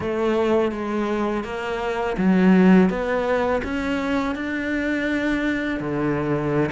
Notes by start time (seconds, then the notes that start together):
0.00 A3
0.71 G#3
1.44 A#3
2.17 F#3
2.89 B3
3.64 C#4
4.35 D4
5.80 D3